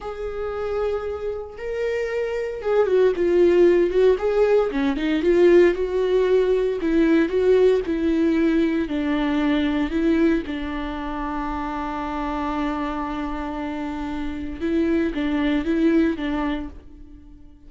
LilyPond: \new Staff \with { instrumentName = "viola" } { \time 4/4 \tempo 4 = 115 gis'2. ais'4~ | ais'4 gis'8 fis'8 f'4. fis'8 | gis'4 cis'8 dis'8 f'4 fis'4~ | fis'4 e'4 fis'4 e'4~ |
e'4 d'2 e'4 | d'1~ | d'1 | e'4 d'4 e'4 d'4 | }